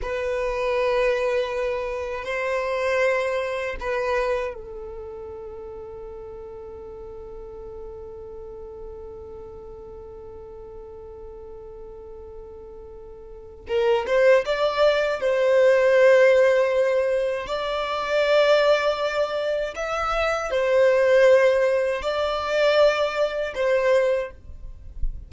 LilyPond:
\new Staff \with { instrumentName = "violin" } { \time 4/4 \tempo 4 = 79 b'2. c''4~ | c''4 b'4 a'2~ | a'1~ | a'1~ |
a'2 ais'8 c''8 d''4 | c''2. d''4~ | d''2 e''4 c''4~ | c''4 d''2 c''4 | }